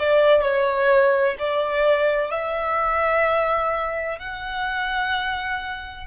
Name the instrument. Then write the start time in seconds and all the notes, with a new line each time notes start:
violin
0.00 D5
0.43 C#5
1.39 D5
2.32 E5
4.19 F#5